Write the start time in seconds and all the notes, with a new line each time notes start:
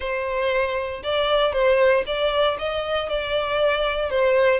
0.00 C5
1.03 D5
1.52 C5
2.06 D5
2.58 D#5
3.09 D5
4.10 C5